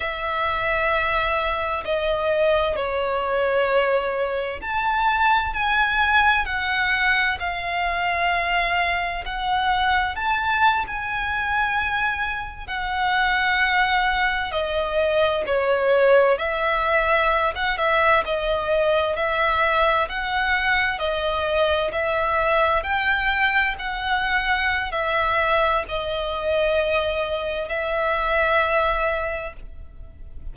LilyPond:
\new Staff \with { instrumentName = "violin" } { \time 4/4 \tempo 4 = 65 e''2 dis''4 cis''4~ | cis''4 a''4 gis''4 fis''4 | f''2 fis''4 a''8. gis''16~ | gis''4.~ gis''16 fis''2 dis''16~ |
dis''8. cis''4 e''4~ e''16 fis''16 e''8 dis''16~ | dis''8. e''4 fis''4 dis''4 e''16~ | e''8. g''4 fis''4~ fis''16 e''4 | dis''2 e''2 | }